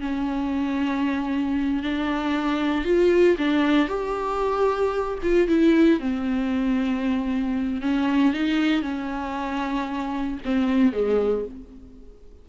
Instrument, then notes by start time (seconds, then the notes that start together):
viola
0.00 C#4
1.83 D4
2.84 F4
3.38 D4
3.88 G4
5.22 F4
5.48 E4
5.99 C4
7.81 C#4
8.33 D#4
8.82 C#4
10.45 C4
10.92 G#3